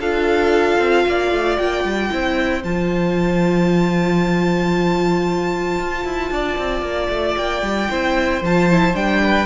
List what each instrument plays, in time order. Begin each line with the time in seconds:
0.00 cello D4, viola F4, violin A4 F5
0.78 cello C4
1.06 cello A#3, violin D5
1.31 cello A3
1.57 cello A#3, violin G5
1.84 cello G3
2.10 cello C4, viola E4, violin C5
2.63 cello F3, viola F4, violin A5
5.79 cello F4
6.05 cello E4
6.30 cello D4, violin D5
6.58 cello C4
6.81 cello A#3
7.09 cello A3
7.36 cello A#3, violin G5
7.62 cello G3
7.90 cello C4, viola E4, violin C5
8.41 cello F3, viola F4, violin A5
8.70 viola E4
8.94 cello G3, viola D4, violin G5
9.23 violin B4